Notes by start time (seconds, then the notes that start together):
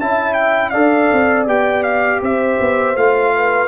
0.00 C#4 E4 E5 A5
0.34 G5
0.70 D4 A4 D5 F5
1.13 C4
1.47 B3 G4 G5
1.83 F5
2.22 C4 C5 E5
2.60 B3
2.96 A3 F4 F5
3.36 B4